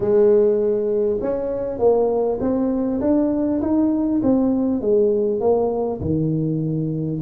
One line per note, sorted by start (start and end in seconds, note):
0.00 1.19 G#3
1.21 1.78 C#4
1.78 2.38 A#3
2.40 3.00 C4
3.01 3.61 D4
3.61 4.21 D#4
4.22 4.81 C4
4.81 5.40 G#3
5.40 6.00 A#3
6.01 7.21 D#3